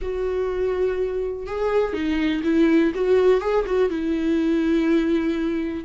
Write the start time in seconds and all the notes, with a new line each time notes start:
0.01 F#4
1.46 G#4
1.93 D#4
2.43 E4
2.94 F#4
3.41 G#4
3.66 F#4
3.89 E4